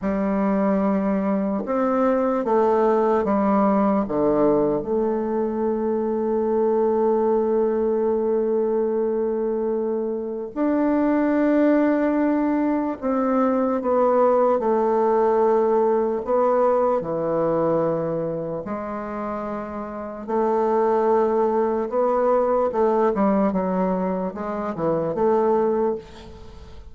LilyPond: \new Staff \with { instrumentName = "bassoon" } { \time 4/4 \tempo 4 = 74 g2 c'4 a4 | g4 d4 a2~ | a1~ | a4 d'2. |
c'4 b4 a2 | b4 e2 gis4~ | gis4 a2 b4 | a8 g8 fis4 gis8 e8 a4 | }